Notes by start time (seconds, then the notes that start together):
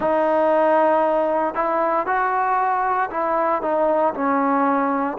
0.00 D#4
1.54 E4
2.06 F#4
3.10 E4
3.62 D#4
4.14 C#4